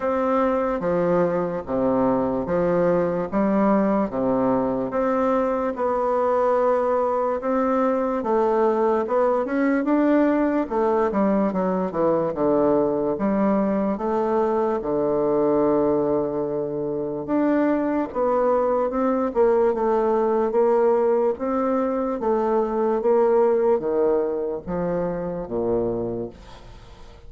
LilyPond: \new Staff \with { instrumentName = "bassoon" } { \time 4/4 \tempo 4 = 73 c'4 f4 c4 f4 | g4 c4 c'4 b4~ | b4 c'4 a4 b8 cis'8 | d'4 a8 g8 fis8 e8 d4 |
g4 a4 d2~ | d4 d'4 b4 c'8 ais8 | a4 ais4 c'4 a4 | ais4 dis4 f4 ais,4 | }